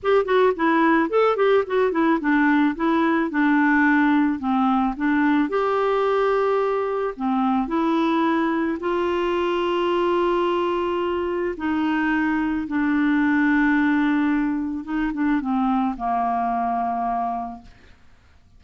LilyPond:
\new Staff \with { instrumentName = "clarinet" } { \time 4/4 \tempo 4 = 109 g'8 fis'8 e'4 a'8 g'8 fis'8 e'8 | d'4 e'4 d'2 | c'4 d'4 g'2~ | g'4 c'4 e'2 |
f'1~ | f'4 dis'2 d'4~ | d'2. dis'8 d'8 | c'4 ais2. | }